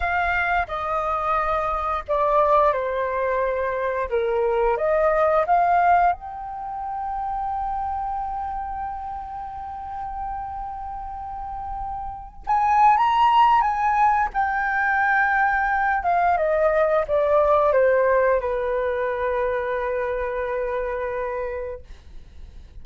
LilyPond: \new Staff \with { instrumentName = "flute" } { \time 4/4 \tempo 4 = 88 f''4 dis''2 d''4 | c''2 ais'4 dis''4 | f''4 g''2.~ | g''1~ |
g''2~ g''16 gis''8. ais''4 | gis''4 g''2~ g''8 f''8 | dis''4 d''4 c''4 b'4~ | b'1 | }